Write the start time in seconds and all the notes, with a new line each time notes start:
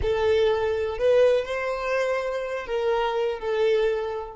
0.02 A4
0.97 B4
1.45 C5
2.66 A#4
3.39 A4